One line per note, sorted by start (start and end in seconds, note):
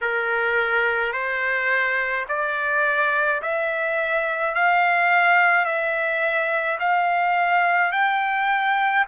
0.01 1.12 A#4
1.12 2.25 C5
2.28 3.41 D5
3.42 4.54 E5
4.54 5.65 F5
5.65 6.78 E5
6.79 7.92 F5
7.92 9.05 G5